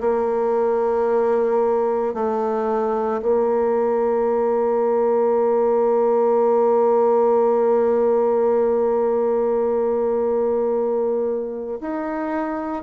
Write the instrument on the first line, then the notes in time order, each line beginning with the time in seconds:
bassoon
0.00 A#3
2.14 A3
3.22 A#3
11.81 D#4